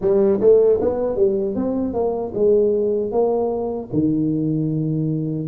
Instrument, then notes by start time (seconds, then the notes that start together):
tuba
0.01 G3
0.40 A3
0.81 B3
1.16 G3
1.55 C4
1.93 A#3
2.34 G#3
3.11 A#3
3.92 D#3